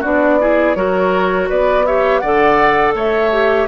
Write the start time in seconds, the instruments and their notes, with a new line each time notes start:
0.00 bassoon B3, clarinet D4, oboe F#4, flute D5
0.40 clarinet E4, oboe G#4
0.75 bassoon F#3, clarinet F#4, oboe A#4, flute C#5
1.49 bassoon B3, oboe B4, flute D5
1.86 clarinet G4, oboe C#5, flute E5
2.19 bassoon D3, clarinet A4, oboe D5, flute F#5
2.94 bassoon A3, oboe C#5, flute E5
3.32 clarinet G4